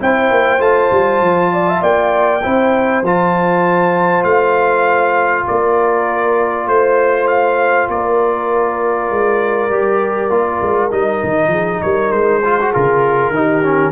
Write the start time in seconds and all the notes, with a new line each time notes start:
0.00 C4 E4 C5 G5
0.30 A#3
0.59 A3 F4 A5
0.91 G3
1.21 F3
1.53 D5
1.68 E5
1.82 A#3 D5 G5
2.43 C4 E4 C5
3.02 F3 F4 A5
4.24 A3 F5
5.46 A#3 A#4 D5
6.67 A3 C5
7.28 F5
7.89 A#3 A#4 D5
9.10 G#3
9.70 G3 G4
10.30 A#3 F4
10.62 G#3
10.91 G3 D#4 D#5
11.23 D#3
11.47 F3 G#4
11.82 G3 A#4 C#5
12.11 G#3 C5
12.42 F4 G#4
12.61 F#4
12.73 C#3 F4 A#4
13.30 D#3 D#4
13.36 G4
13.63 C#4